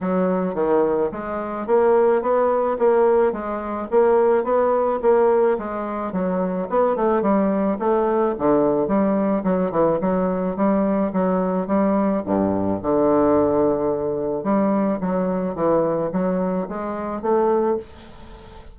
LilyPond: \new Staff \with { instrumentName = "bassoon" } { \time 4/4 \tempo 4 = 108 fis4 dis4 gis4 ais4 | b4 ais4 gis4 ais4 | b4 ais4 gis4 fis4 | b8 a8 g4 a4 d4 |
g4 fis8 e8 fis4 g4 | fis4 g4 g,4 d4~ | d2 g4 fis4 | e4 fis4 gis4 a4 | }